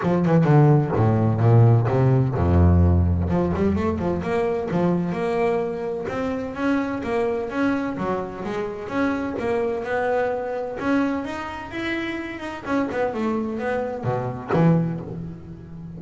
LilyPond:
\new Staff \with { instrumentName = "double bass" } { \time 4/4 \tempo 4 = 128 f8 e8 d4 a,4 ais,4 | c4 f,2 f8 g8 | a8 f8 ais4 f4 ais4~ | ais4 c'4 cis'4 ais4 |
cis'4 fis4 gis4 cis'4 | ais4 b2 cis'4 | dis'4 e'4. dis'8 cis'8 b8 | a4 b4 b,4 e4 | }